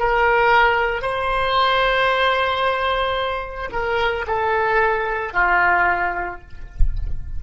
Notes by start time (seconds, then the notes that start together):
0.00 A#4
1.02 C5
3.72 A#4
4.27 A4
5.34 F4